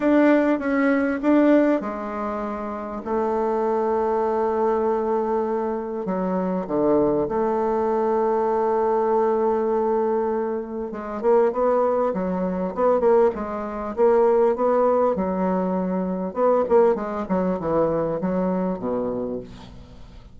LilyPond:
\new Staff \with { instrumentName = "bassoon" } { \time 4/4 \tempo 4 = 99 d'4 cis'4 d'4 gis4~ | gis4 a2.~ | a2 fis4 d4 | a1~ |
a2 gis8 ais8 b4 | fis4 b8 ais8 gis4 ais4 | b4 fis2 b8 ais8 | gis8 fis8 e4 fis4 b,4 | }